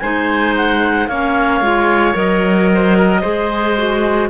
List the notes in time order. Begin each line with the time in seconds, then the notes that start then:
0.00 G#3 D#4 C5 G#5
0.57 F#5
1.08 A#3 C#4 C#5 F5
1.61 G#3 F4
2.14 F#3 A#4 D#5
2.75 C5
2.98 A#4
3.21 G#3 G#4 C5
3.78 F#4